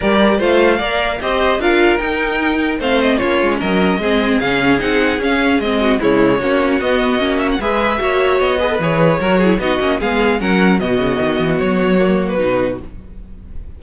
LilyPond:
<<
  \new Staff \with { instrumentName = "violin" } { \time 4/4 \tempo 4 = 150 d''4 f''2 dis''4 | f''4 g''2 f''8 dis''8 | cis''4 dis''2 f''4 | fis''4 f''4 dis''4 cis''4~ |
cis''4 dis''4. e''16 fis''16 e''4~ | e''4 dis''4 cis''2 | dis''4 f''4 fis''4 dis''4~ | dis''4 cis''4.~ cis''16 b'4~ b'16 | }
  \new Staff \with { instrumentName = "violin" } { \time 4/4 ais'4 c''4 d''4 c''4 | ais'2. c''4 | f'4 ais'4 gis'2~ | gis'2~ gis'8 fis'8 e'4 |
fis'2. b'4 | cis''4. b'4. ais'8 gis'8 | fis'4 gis'4 ais'4 fis'4~ | fis'1 | }
  \new Staff \with { instrumentName = "viola" } { \time 4/4 g'4 f'4 ais'4 g'4 | f'4 dis'2 c'4 | cis'2 c'4 cis'4 | dis'4 cis'4 c'4 gis4 |
cis'4 b4 cis'4 gis'4 | fis'4. gis'16 a'16 gis'4 fis'8 e'8 | dis'8 cis'8 b4 cis'4 b4~ | b2 ais4 dis'4 | }
  \new Staff \with { instrumentName = "cello" } { \time 4/4 g4 a4 ais4 c'4 | d'4 dis'2 a4 | ais8 gis8 fis4 gis4 cis4 | c'4 cis'4 gis4 cis4 |
ais4 b4 ais4 gis4 | ais4 b4 e4 fis4 | b8 ais8 gis4 fis4 b,8 cis8 | dis8 e8 fis2 b,4 | }
>>